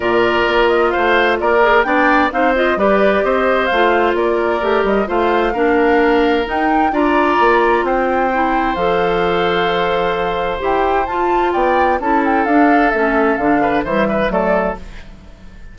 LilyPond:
<<
  \new Staff \with { instrumentName = "flute" } { \time 4/4 \tempo 4 = 130 d''4. dis''8 f''4 d''4 | g''4 f''8 dis''8 d''4 dis''4 | f''4 d''4. dis''8 f''4~ | f''2 g''4 ais''4~ |
ais''4 g''2 f''4~ | f''2. g''4 | a''4 g''4 a''8 g''8 f''4 | e''4 f''4 e''4 d''4 | }
  \new Staff \with { instrumentName = "oboe" } { \time 4/4 ais'2 c''4 ais'4 | d''4 c''4 b'4 c''4~ | c''4 ais'2 c''4 | ais'2. d''4~ |
d''4 c''2.~ | c''1~ | c''4 d''4 a'2~ | a'4. b'8 c''8 b'8 a'4 | }
  \new Staff \with { instrumentName = "clarinet" } { \time 4/4 f'2.~ f'8 gis'8 | d'4 dis'8 f'8 g'2 | f'2 g'4 f'4 | d'2 dis'4 f'4~ |
f'2 e'4 a'4~ | a'2. g'4 | f'2 e'4 d'4 | cis'4 d'4 g4 a4 | }
  \new Staff \with { instrumentName = "bassoon" } { \time 4/4 ais,4 ais4 a4 ais4 | b4 c'4 g4 c'4 | a4 ais4 a8 g8 a4 | ais2 dis'4 d'4 |
ais4 c'2 f4~ | f2. e'4 | f'4 b4 cis'4 d'4 | a4 d4 e4 fis4 | }
>>